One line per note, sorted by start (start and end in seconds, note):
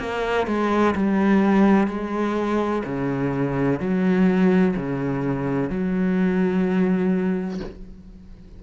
0.00 0.47 A#3
0.47 0.95 G#3
0.96 1.88 G3
1.88 2.83 G#3
2.85 3.81 C#3
3.81 4.76 F#3
4.77 5.70 C#3
5.70 7.61 F#3